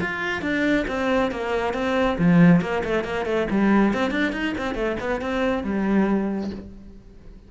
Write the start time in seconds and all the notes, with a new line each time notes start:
0.00 F4
0.41 D4
0.87 C4
1.31 A#3
1.73 C4
2.18 F3
2.61 A#3
2.84 A3
3.04 A#3
3.25 A3
3.50 G3
3.93 C4
4.10 D4
4.32 D#4
4.57 C4
4.74 A3
5.00 B3
5.21 C4
5.63 G3